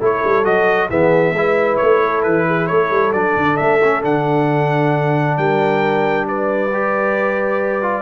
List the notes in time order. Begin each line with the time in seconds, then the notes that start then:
0.00 A3 E4 A4 C#5
0.24 G3
0.44 F#3 F#4 D#5
0.89 E3 B3 G#4 E5
1.33 G#3 E4 B4
1.77 A3 C#5
2.04 A4
2.23 E3 B4
2.48 G#4
2.68 A3 A4 C#5
2.91 G3
3.13 F#3 D4 D5
3.37 D3
3.57 A3 E5
3.83 C#4
4.02 D3 D4 F#5
5.38 G3 A#4 G5
6.28 B4 D5
6.73 G4
7.83 F4